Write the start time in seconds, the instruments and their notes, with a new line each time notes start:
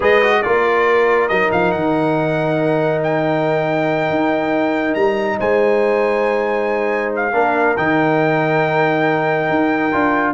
0.00 tuba G#3, trombone G#4, horn B4, trumpet D#5
0.22 trombone F#4
0.42 tuba A#3, trombone F4, horn A#4, trumpet D5
1.28 tuba F#3, trombone D#4, trumpet D#5
1.52 tuba F3, trumpet F5
1.71 tuba D#3, trumpet F#5
3.03 trumpet G5
4.10 tuba D#4
4.94 tuba G3, trumpet A#5
5.39 tuba G#3, horn C5, trumpet G#5
7.15 trumpet F5
7.33 tuba A#3, trombone D4, horn A#4
7.76 tuba D#3, trombone D#4, trumpet G5
9.49 tuba D#4
9.92 tuba D4, trombone F4